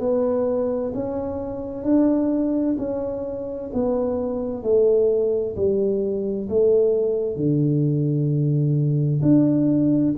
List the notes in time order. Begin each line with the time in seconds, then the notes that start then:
0.00 B3
0.94 C#4
1.84 D4
2.78 C#4
3.74 B3
4.63 A3
5.56 G3
6.49 A3
7.36 D3
9.22 D4